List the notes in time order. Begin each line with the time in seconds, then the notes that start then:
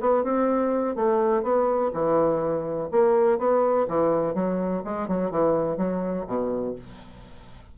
0.00 B3
0.23 C4
0.95 A3
1.43 B3
1.93 E3
2.91 A#3
3.38 B3
3.88 E3
4.34 F#3
4.84 G#3
5.08 F#3
5.31 E3
5.77 F#3
6.27 B2